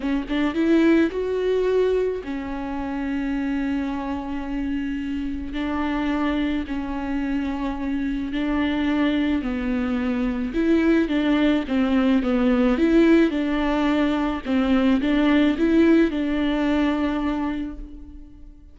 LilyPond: \new Staff \with { instrumentName = "viola" } { \time 4/4 \tempo 4 = 108 cis'8 d'8 e'4 fis'2 | cis'1~ | cis'2 d'2 | cis'2. d'4~ |
d'4 b2 e'4 | d'4 c'4 b4 e'4 | d'2 c'4 d'4 | e'4 d'2. | }